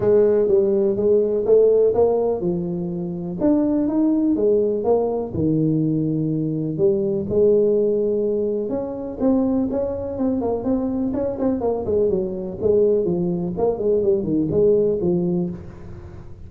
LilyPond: \new Staff \with { instrumentName = "tuba" } { \time 4/4 \tempo 4 = 124 gis4 g4 gis4 a4 | ais4 f2 d'4 | dis'4 gis4 ais4 dis4~ | dis2 g4 gis4~ |
gis2 cis'4 c'4 | cis'4 c'8 ais8 c'4 cis'8 c'8 | ais8 gis8 fis4 gis4 f4 | ais8 gis8 g8 dis8 gis4 f4 | }